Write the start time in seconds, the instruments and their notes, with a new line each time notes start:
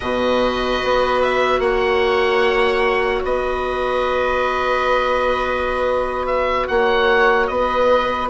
0.00 bassoon B2, clarinet F#4, viola B4, oboe D#5
0.83 bassoon B3
1.21 oboe E5
1.59 bassoon A#3, viola C#5, oboe F#5
3.23 bassoon B3, viola B4, oboe D#5
6.26 oboe E5
6.67 bassoon A#3, viola C#5, oboe F#5
7.47 bassoon B3, viola B4, oboe D#5